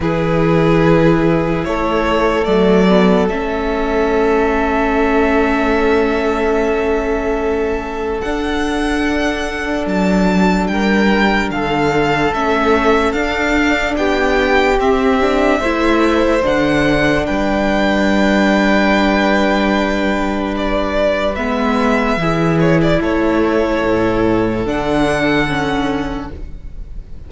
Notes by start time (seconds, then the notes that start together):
0.00 E3 E4 G#4 B4
1.64 A3 A4 C#5
2.44 F#3 A3 D5
2.88 B3
3.28 A3 C#4 E5
8.21 D4 F#5
9.86 F#3 A5
10.67 G3 A#4 G5
11.50 D3 A4 F5
12.33 A3 C#4 E5
13.12 D4 F5
13.97 B3 G4 G5
14.78 C4 E5
15.20 D4
15.59 A3 E4 C5
16.41 D3 D4 F#5
17.26 G3 B4 G5
20.56 D5
21.35 G#3 B3 E5
22.17 E3 E4 G#4
22.60 C#5
22.82 D5
22.99 A3 A4 C#5
23.84 A2
24.65 D3 D4 F#5
25.48 C#4